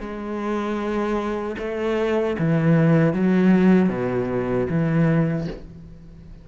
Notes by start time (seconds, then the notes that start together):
0.00 G#3
1.59 A3
2.38 E3
3.13 F#3
3.89 B2
4.69 E3